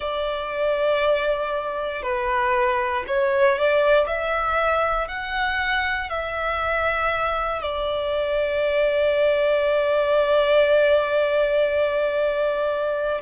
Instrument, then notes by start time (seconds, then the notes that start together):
violin
0.00 D5
2.02 B4
3.07 C#5
3.58 D5
4.07 E5
5.08 F#5
6.09 E5
7.62 D5